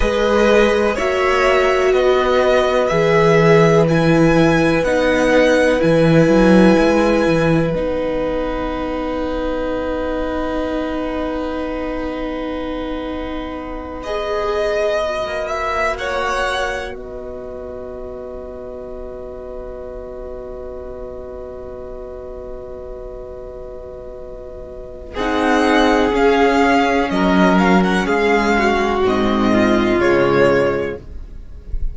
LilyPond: <<
  \new Staff \with { instrumentName = "violin" } { \time 4/4 \tempo 4 = 62 dis''4 e''4 dis''4 e''4 | gis''4 fis''4 gis''2 | fis''1~ | fis''2~ fis''8 dis''4. |
e''8 fis''4 dis''2~ dis''8~ | dis''1~ | dis''2 fis''4 f''4 | dis''8 f''16 fis''16 f''4 dis''4 cis''4 | }
  \new Staff \with { instrumentName = "violin" } { \time 4/4 b'4 cis''4 b'2~ | b'1~ | b'1~ | b'1~ |
b'8 cis''4 b'2~ b'8~ | b'1~ | b'2 gis'2 | ais'4 gis'8 fis'4 f'4. | }
  \new Staff \with { instrumentName = "viola" } { \time 4/4 gis'4 fis'2 gis'4 | e'4 dis'4 e'2 | dis'1~ | dis'2~ dis'8 gis'4 fis'8~ |
fis'1~ | fis'1~ | fis'2 dis'4 cis'4~ | cis'2 c'4 gis4 | }
  \new Staff \with { instrumentName = "cello" } { \time 4/4 gis4 ais4 b4 e4~ | e4 b4 e8 fis8 gis8 e8 | b1~ | b2.~ b8. ais16~ |
ais4. b2~ b8~ | b1~ | b2 c'4 cis'4 | fis4 gis4 gis,4 cis4 | }
>>